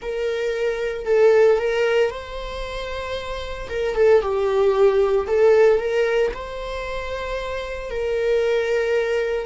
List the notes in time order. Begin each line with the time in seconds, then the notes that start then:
0.01 A#4
1.05 A4
1.57 A#4
2.10 C5
3.68 A#4
3.95 A4
4.21 G4
5.27 A4
5.79 A#4
6.34 C5
7.90 A#4